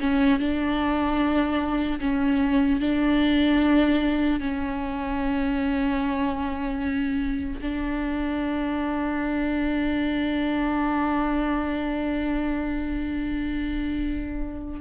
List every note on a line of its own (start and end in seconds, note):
0.00 0.39 C#4
0.39 1.99 D4
2.00 2.80 C#4
2.80 4.40 D4
4.40 7.60 C#4
7.61 14.81 D4